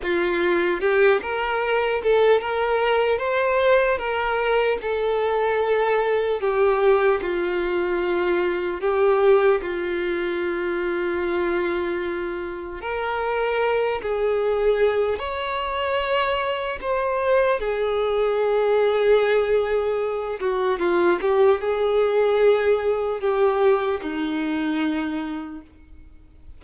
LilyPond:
\new Staff \with { instrumentName = "violin" } { \time 4/4 \tempo 4 = 75 f'4 g'8 ais'4 a'8 ais'4 | c''4 ais'4 a'2 | g'4 f'2 g'4 | f'1 |
ais'4. gis'4. cis''4~ | cis''4 c''4 gis'2~ | gis'4. fis'8 f'8 g'8 gis'4~ | gis'4 g'4 dis'2 | }